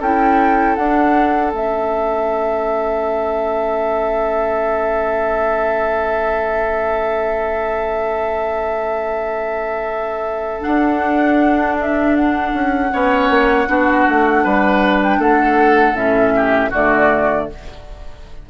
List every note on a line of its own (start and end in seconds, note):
0.00 0.77 C#4
0.00 0.79 E4
0.00 12.91 A4
0.00 0.75 G5
0.75 1.53 D4
0.75 1.51 F#5
1.53 10.65 A3
1.53 10.61 C#4
1.53 10.62 E5
10.61 12.89 D4
10.61 12.53 D4
10.61 11.76 F#5
11.81 12.16 E5
12.16 15.01 F#5
12.53 12.91 C#4
12.92 13.30 B3
12.92 13.68 C#4
12.92 13.69 C#5
13.30 13.68 A#3
13.68 14.06 B3
13.68 15.95 D4
13.68 14.44 F#4
14.09 14.45 A3
14.44 15.19 G3
14.44 15.20 B4
15.03 15.21 G5
15.19 15.94 A3
15.19 16.34 A4
15.19 15.96 F#5
15.94 16.70 A2
15.94 16.71 C#4
15.94 16.72 E5
16.35 16.70 G4
16.70 17.50 D3
16.70 17.50 A3
16.70 17.46 F#4
16.70 17.50 D5